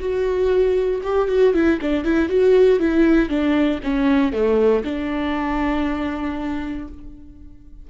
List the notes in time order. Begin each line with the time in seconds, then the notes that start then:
0.00 F#4
1.03 G4
1.29 F#4
1.54 E4
1.82 D4
2.04 E4
2.29 F#4
2.80 E4
3.29 D4
3.83 C#4
4.33 A3
4.84 D4